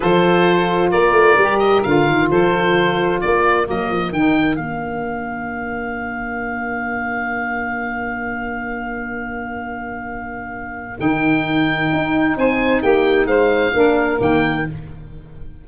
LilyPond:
<<
  \new Staff \with { instrumentName = "oboe" } { \time 4/4 \tempo 4 = 131 c''2 d''4. dis''8 | f''4 c''2 d''4 | dis''4 g''4 f''2~ | f''1~ |
f''1~ | f''1 | g''2. gis''4 | g''4 f''2 g''4 | }
  \new Staff \with { instrumentName = "saxophone" } { \time 4/4 a'2 ais'2~ | ais'4 a'2 ais'4~ | ais'1~ | ais'1~ |
ais'1~ | ais'1~ | ais'2. c''4 | g'4 c''4 ais'2 | }
  \new Staff \with { instrumentName = "saxophone" } { \time 4/4 f'2. g'4 | f'1 | ais4 dis'4 d'2~ | d'1~ |
d'1~ | d'1 | dis'1~ | dis'2 d'4 ais4 | }
  \new Staff \with { instrumentName = "tuba" } { \time 4/4 f2 ais8 a8 g4 | d8 dis8 f2 ais4 | fis8 f8 dis4 ais2~ | ais1~ |
ais1~ | ais1 | dis2 dis'4 c'4 | ais4 gis4 ais4 dis4 | }
>>